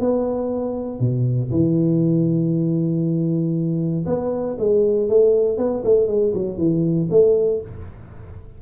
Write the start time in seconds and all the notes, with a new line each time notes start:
0.00 B3
0.99 B2
1.51 E3
4.06 B3
4.59 G#3
5.09 A3
5.58 B3
5.85 A3
6.07 G#3
6.34 F#3
6.58 E3
7.10 A3